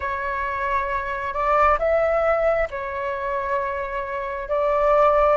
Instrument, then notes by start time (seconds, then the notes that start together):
flute
0.00 C#5
1.33 D5
1.79 E5
2.70 C#5
4.49 D5